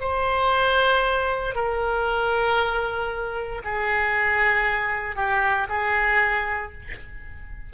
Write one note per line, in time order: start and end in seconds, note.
0.00 1.55 C5
1.55 3.62 A#4
3.64 5.15 G#4
5.15 5.67 G4
5.69 6.72 G#4